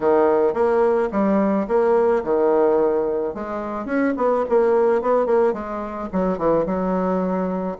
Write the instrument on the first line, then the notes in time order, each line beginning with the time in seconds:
bassoon
0.00 D#3
0.53 A#3
1.11 G3
1.67 A#3
2.23 D#3
3.34 G#3
3.85 C#4
4.17 B3
4.48 A#3
5.02 B3
5.26 A#3
5.53 G#3
6.12 F#3
6.38 E3
6.66 F#3